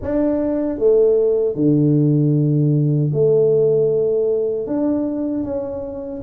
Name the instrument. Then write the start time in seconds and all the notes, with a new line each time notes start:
tuba
0.01 D4
0.78 A3
1.55 D3
3.13 A3
4.66 D4
5.43 C#4